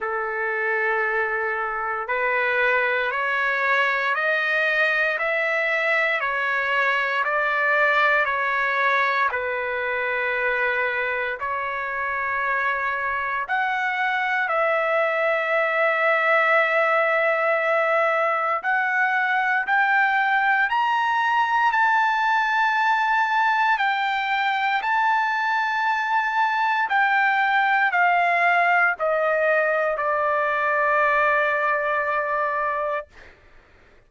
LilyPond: \new Staff \with { instrumentName = "trumpet" } { \time 4/4 \tempo 4 = 58 a'2 b'4 cis''4 | dis''4 e''4 cis''4 d''4 | cis''4 b'2 cis''4~ | cis''4 fis''4 e''2~ |
e''2 fis''4 g''4 | ais''4 a''2 g''4 | a''2 g''4 f''4 | dis''4 d''2. | }